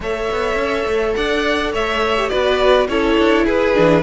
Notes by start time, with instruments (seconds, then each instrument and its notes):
0.00 cello A3, viola A4, violin C#5 E5
0.30 cello B3
0.55 cello C#4
0.86 cello A3
1.14 cello D4, violin D5 F#5
1.72 cello A3, violin C#5 E5
2.17 viola G4
2.29 cello B3, viola F#4, violin B4 D5
2.88 cello C#4, viola E4, violin A4 C#5
3.18 cello D4
3.45 cello E4, violin G#4 B4
3.74 cello E3, viola D4